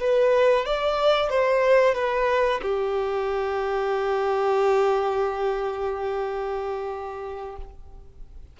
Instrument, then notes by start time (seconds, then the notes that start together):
violin
0.00 B4
0.66 D5
1.29 C5
1.95 B4
2.62 G4